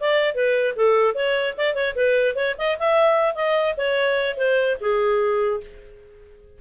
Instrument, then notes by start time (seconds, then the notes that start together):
clarinet
0.00 D5
0.34 B4
0.76 A4
1.14 C#5
1.57 D5
1.74 C#5
1.95 B4
2.35 C#5
2.58 D#5
2.79 E5
3.35 D#5
3.77 C#5
4.37 C5
4.80 G#4